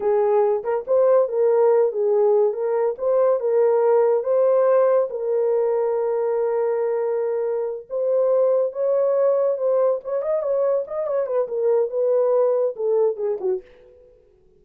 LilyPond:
\new Staff \with { instrumentName = "horn" } { \time 4/4 \tempo 4 = 141 gis'4. ais'8 c''4 ais'4~ | ais'8 gis'4. ais'4 c''4 | ais'2 c''2 | ais'1~ |
ais'2~ ais'8 c''4.~ | c''8 cis''2 c''4 cis''8 | dis''8 cis''4 dis''8 cis''8 b'8 ais'4 | b'2 a'4 gis'8 fis'8 | }